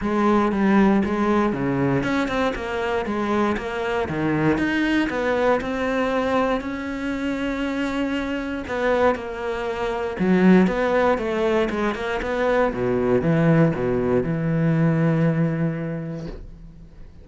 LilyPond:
\new Staff \with { instrumentName = "cello" } { \time 4/4 \tempo 4 = 118 gis4 g4 gis4 cis4 | cis'8 c'8 ais4 gis4 ais4 | dis4 dis'4 b4 c'4~ | c'4 cis'2.~ |
cis'4 b4 ais2 | fis4 b4 a4 gis8 ais8 | b4 b,4 e4 b,4 | e1 | }